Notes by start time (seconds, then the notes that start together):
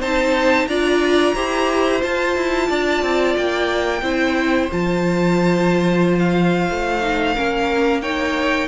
0.00 C4 D#4 C5 A5
0.67 D4 F4 D5 A#5
1.35 E4 G4 C5
2.00 F4 A5
2.36 E4
2.69 D4 D5
3.02 C4
3.37 A#3 G5
4.02 C4 E4 C5
4.72 F3 F4 A5
6.19 F5
6.70 A3
7.01 D#4
7.35 A#3 C#4 A#4
8.02 D#4 C#5 G5